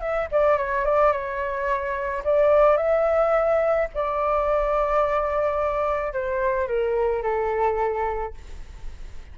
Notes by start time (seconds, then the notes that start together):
0.00 E5
0.31 D5
0.57 C#5
0.85 D5
1.12 C#5
2.24 D5
2.77 E5
3.94 D5
6.13 C5
6.68 A#4
7.23 A4